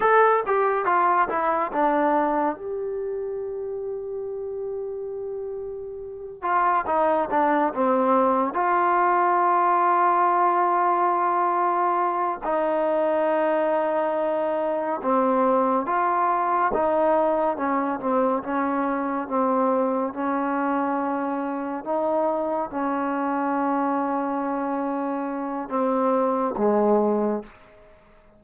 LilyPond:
\new Staff \with { instrumentName = "trombone" } { \time 4/4 \tempo 4 = 70 a'8 g'8 f'8 e'8 d'4 g'4~ | g'2.~ g'8 f'8 | dis'8 d'8 c'4 f'2~ | f'2~ f'8 dis'4.~ |
dis'4. c'4 f'4 dis'8~ | dis'8 cis'8 c'8 cis'4 c'4 cis'8~ | cis'4. dis'4 cis'4.~ | cis'2 c'4 gis4 | }